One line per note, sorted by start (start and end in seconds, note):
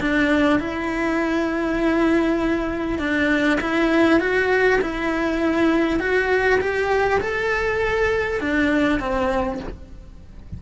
0.00 0.59 D4
0.59 2.99 E4
2.99 3.59 D4
3.61 4.20 E4
4.20 4.80 F#4
4.81 6.00 E4
6.00 6.60 F#4
6.60 7.20 G4
7.21 8.40 A4
8.40 8.99 D4
8.99 9.59 C4